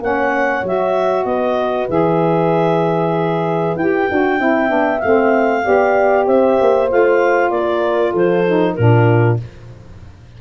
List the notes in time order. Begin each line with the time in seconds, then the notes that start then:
0.00 A#3 C#4 C#5 F#5
0.63 F#3 F#4 E5
1.25 B3 B4 D#5
1.89 E3 G#4 E5
3.76 E4 G4 G5
4.10 D4 F#4
4.39 C4 E4 E5
4.67 B3 D4
5.00 A3 C4 F5
5.63 B3 G4 D5
6.26 C4 C5 E5
6.60 A#3
6.88 A3 F4 F5
7.50 A#3 A#4 D5
8.11 F3 A4 C5
8.46 D#4
8.74 A#2 D4 F4 A#4